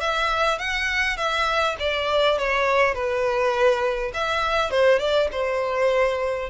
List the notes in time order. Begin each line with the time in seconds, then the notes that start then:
0.00 E5
0.59 F#5
1.17 E5
1.80 D5
2.38 C#5
2.94 B4
4.14 E5
4.71 C5
4.99 D5
5.32 C5